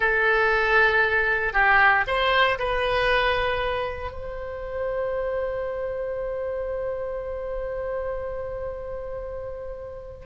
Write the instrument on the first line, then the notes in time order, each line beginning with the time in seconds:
oboe
0.00 A4
1.53 G4
2.07 C5
2.59 B4
4.11 C5